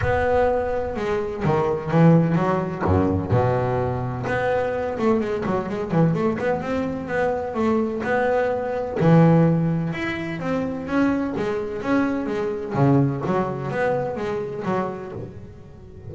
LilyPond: \new Staff \with { instrumentName = "double bass" } { \time 4/4 \tempo 4 = 127 b2 gis4 dis4 | e4 fis4 fis,4 b,4~ | b,4 b4. a8 gis8 fis8 | gis8 e8 a8 b8 c'4 b4 |
a4 b2 e4~ | e4 e'4 c'4 cis'4 | gis4 cis'4 gis4 cis4 | fis4 b4 gis4 fis4 | }